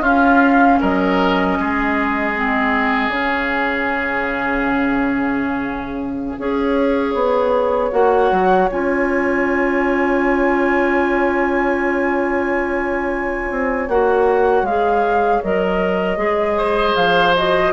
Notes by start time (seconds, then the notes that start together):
0.00 C#4 F4 F5
0.80 F#3 A#4 D#5
1.59 G#3 G#4
2.35 C4
3.08 C#3 C#4 F5
6.38 C#4 G#4 C#5
7.14 B3
7.91 A#3 F#4 F#5
8.31 F#3
8.70 C#4 F4 G#5
13.50 C4
13.88 A#3 F#4 F#5
14.62 G#3 G#4 F5
15.43 F#3 A#4 D#5
16.17 G#3 G#4
16.57 C5
16.96 F3 F5
17.35 F#4 D#5